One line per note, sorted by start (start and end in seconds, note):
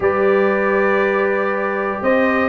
0.00 2.00 G3
0.00 2.49 G4
0.00 2.02 B4
0.00 2.02 D5
2.02 2.49 C4
2.02 2.49 C5
2.02 2.49 D#5